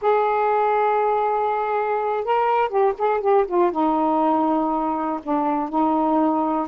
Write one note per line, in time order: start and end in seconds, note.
0.01 2.24 G#4
2.24 2.68 A#4
2.68 2.93 G4
2.98 3.20 G#4
3.20 3.45 G4
3.47 3.71 F4
3.71 5.20 D#4
5.22 5.69 D4
5.69 6.67 D#4